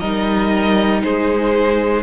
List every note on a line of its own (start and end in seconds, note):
0.00 1.03 G3
0.00 2.04 D#4
0.00 1.02 A#4
0.00 1.02 D#5
1.03 2.04 G#3
1.03 2.04 G#4
1.03 2.04 C5